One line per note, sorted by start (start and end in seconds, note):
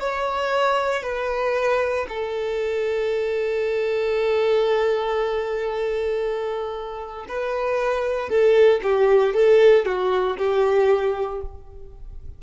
0.00 1.03 C#5
1.03 2.06 B4
2.09 7.26 A4
7.28 8.29 B4
8.29 8.81 A4
8.83 9.34 G4
9.34 9.86 A4
9.86 10.37 F#4
10.38 11.41 G4